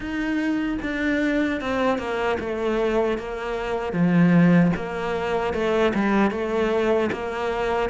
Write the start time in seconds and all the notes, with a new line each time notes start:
0.00 D#4
0.81 D4
1.60 C4
1.98 A#3
2.39 A3
3.18 A#3
3.93 F3
4.75 A#3
5.53 A3
5.94 G3
6.31 A3
7.12 A#3